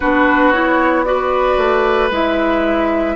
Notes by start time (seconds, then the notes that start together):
0.00 B3 D4 F#4 B4
0.51 E4 C#5
1.04 F#4 B4 D5
1.57 A3
2.10 G#3 E4 E5